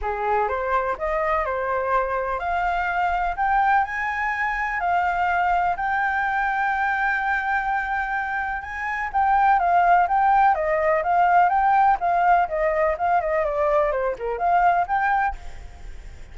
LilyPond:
\new Staff \with { instrumentName = "flute" } { \time 4/4 \tempo 4 = 125 gis'4 c''4 dis''4 c''4~ | c''4 f''2 g''4 | gis''2 f''2 | g''1~ |
g''2 gis''4 g''4 | f''4 g''4 dis''4 f''4 | g''4 f''4 dis''4 f''8 dis''8 | d''4 c''8 ais'8 f''4 g''4 | }